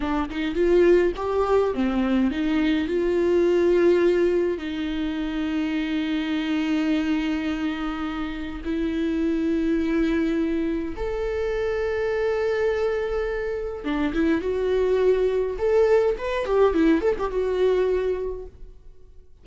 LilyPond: \new Staff \with { instrumentName = "viola" } { \time 4/4 \tempo 4 = 104 d'8 dis'8 f'4 g'4 c'4 | dis'4 f'2. | dis'1~ | dis'2. e'4~ |
e'2. a'4~ | a'1 | d'8 e'8 fis'2 a'4 | b'8 g'8 e'8 a'16 g'16 fis'2 | }